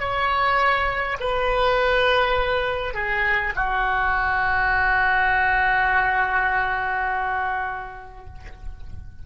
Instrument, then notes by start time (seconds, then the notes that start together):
oboe
0.00 C#5
1.21 B4
2.95 G#4
3.56 F#4